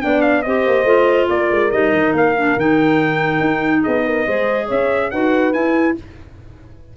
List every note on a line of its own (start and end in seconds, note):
0.00 0.45 B3
0.00 0.43 D4
0.00 0.44 D5
0.00 0.21 G5
0.21 0.42 F5
0.42 0.66 C4
0.42 0.85 G4
0.42 1.30 C5
0.42 1.27 D#5
0.67 0.84 A#3
0.84 1.26 A3
0.84 1.70 F4
1.29 1.50 A#3
1.29 3.81 A#4
1.29 1.71 D5
1.50 1.72 G#3
1.71 1.92 G3
1.71 2.35 D#4
1.71 2.13 D#5
1.92 2.13 D#3
2.13 2.55 A#3
2.13 2.59 F5
2.36 2.57 D4
2.56 3.40 D#3
2.56 4.27 D#4
2.56 3.83 G5
3.40 3.83 D#4
3.81 4.27 B3
3.81 4.03 G#4
3.81 4.68 D#5
4.06 4.27 A#4
4.27 4.70 G#3
4.27 5.12 G#4
4.27 4.66 C5
4.66 5.12 C#4
4.66 5.08 C#5
4.66 5.10 E5
5.10 5.53 D#4
5.10 5.52 F#4
5.10 5.96 B4
5.10 5.53 F#5
5.52 5.95 E4
5.52 5.96 E4
5.52 5.95 G#5